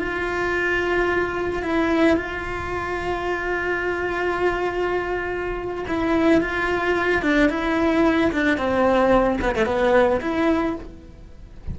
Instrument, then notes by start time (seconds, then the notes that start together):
cello
0.00 F4
1.63 E4
2.17 F4
5.88 E4
6.41 F4
7.23 D4
7.50 E4
8.33 D4
8.58 C4
9.42 B3
9.55 A3
9.66 B3
10.21 E4